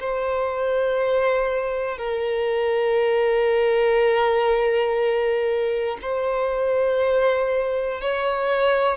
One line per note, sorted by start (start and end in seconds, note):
0.00 1.98 C5
1.98 5.98 A#4
6.02 8.01 C5
8.01 8.98 C#5